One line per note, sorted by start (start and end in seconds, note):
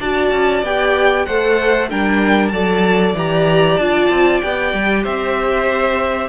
0.00 0.32 D4
0.00 0.65 F#4
0.00 1.26 D5
0.00 0.64 A5
0.32 0.63 C#4
0.63 1.26 B3
0.63 1.29 G4
0.63 1.26 G5
1.26 1.92 A3
1.26 1.90 A4
1.26 1.90 C5
1.26 1.89 F#5
1.90 2.52 G3
1.90 2.53 D4
1.90 2.53 A#4
1.90 2.49 G5
2.49 3.14 F#3
2.49 3.16 A4
2.49 5.03 D5
2.49 3.12 A5
3.14 3.77 E3
3.14 3.80 G4
3.14 3.78 A#5
3.78 4.10 D4
3.78 4.43 F4
3.78 4.41 A5
4.11 4.42 C4
4.41 4.74 B3
4.41 6.30 G4
4.41 5.05 G5
4.74 5.06 G3
5.03 6.30 C4
5.03 6.29 C5
5.03 6.30 E5